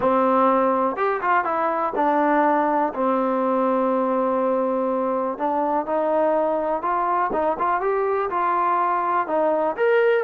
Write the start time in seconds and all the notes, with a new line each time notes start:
0.00 C4
0.96 G4
1.21 F4
1.44 E4
1.95 D4
2.94 C4
5.37 D4
5.85 D#4
6.82 F4
7.32 D#4
7.58 F4
7.80 G4
8.29 F4
9.27 D#4
9.76 A#4